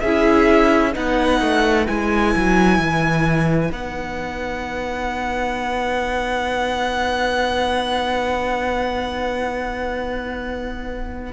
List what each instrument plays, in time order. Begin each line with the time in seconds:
0.00 cello C#4, violin G#4 E5
0.07 viola E4
0.92 cello B3, viola D#4, violin B4 F#5
1.41 cello A3
1.87 cello G#3, viola E4, violin G#5
2.36 cello F#3
2.78 cello E3
3.71 cello B3, viola D#4, violin F#5